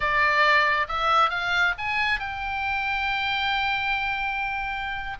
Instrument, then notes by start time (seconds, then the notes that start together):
oboe
0.00 D5
0.88 E5
1.30 F5
1.78 G#5
2.19 G5